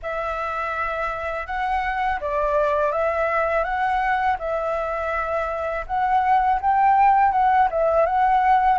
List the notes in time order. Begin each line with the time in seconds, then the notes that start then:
0.02 E5
1.46 F#5
2.20 D5
2.92 E5
3.64 F#5
4.38 E5
5.86 F#5
6.60 G5
7.31 F#5
7.70 E5
8.06 F#5